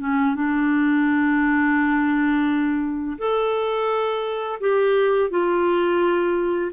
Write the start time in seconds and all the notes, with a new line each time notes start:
0.00 C#4
0.35 D4
3.19 A4
4.60 G4
5.31 F4